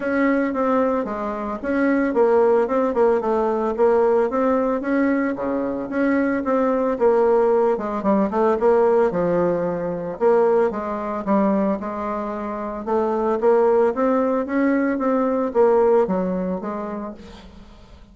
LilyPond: \new Staff \with { instrumentName = "bassoon" } { \time 4/4 \tempo 4 = 112 cis'4 c'4 gis4 cis'4 | ais4 c'8 ais8 a4 ais4 | c'4 cis'4 cis4 cis'4 | c'4 ais4. gis8 g8 a8 |
ais4 f2 ais4 | gis4 g4 gis2 | a4 ais4 c'4 cis'4 | c'4 ais4 fis4 gis4 | }